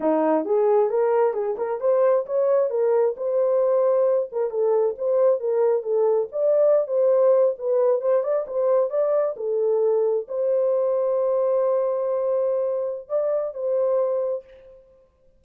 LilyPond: \new Staff \with { instrumentName = "horn" } { \time 4/4 \tempo 4 = 133 dis'4 gis'4 ais'4 gis'8 ais'8 | c''4 cis''4 ais'4 c''4~ | c''4. ais'8 a'4 c''4 | ais'4 a'4 d''4~ d''16 c''8.~ |
c''8. b'4 c''8 d''8 c''4 d''16~ | d''8. a'2 c''4~ c''16~ | c''1~ | c''4 d''4 c''2 | }